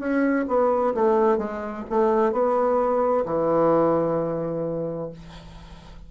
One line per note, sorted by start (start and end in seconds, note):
0.00 0.46 C#4
0.48 0.94 B3
0.95 1.38 A3
1.38 1.85 G#3
1.90 2.33 A3
2.33 3.25 B3
3.26 5.11 E3